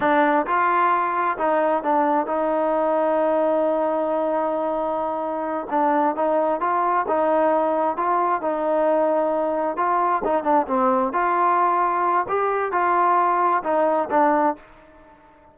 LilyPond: \new Staff \with { instrumentName = "trombone" } { \time 4/4 \tempo 4 = 132 d'4 f'2 dis'4 | d'4 dis'2.~ | dis'1~ | dis'8 d'4 dis'4 f'4 dis'8~ |
dis'4. f'4 dis'4.~ | dis'4. f'4 dis'8 d'8 c'8~ | c'8 f'2~ f'8 g'4 | f'2 dis'4 d'4 | }